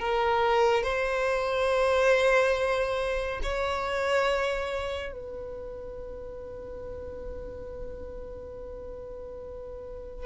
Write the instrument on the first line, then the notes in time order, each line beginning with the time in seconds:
violin
0.00 A#4
0.84 C5
3.43 C#5
5.13 B4